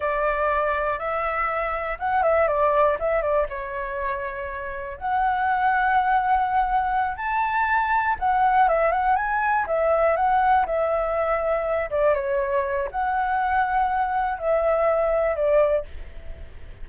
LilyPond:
\new Staff \with { instrumentName = "flute" } { \time 4/4 \tempo 4 = 121 d''2 e''2 | fis''8 e''8 d''4 e''8 d''8 cis''4~ | cis''2 fis''2~ | fis''2~ fis''8 a''4.~ |
a''8 fis''4 e''8 fis''8 gis''4 e''8~ | e''8 fis''4 e''2~ e''8 | d''8 cis''4. fis''2~ | fis''4 e''2 d''4 | }